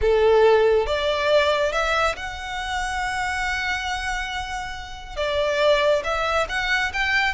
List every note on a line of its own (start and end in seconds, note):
0.01 0.86 A4
0.86 1.72 D5
1.72 2.15 E5
2.16 5.16 F#5
5.16 6.03 D5
6.04 6.47 E5
6.48 6.91 F#5
6.93 7.34 G5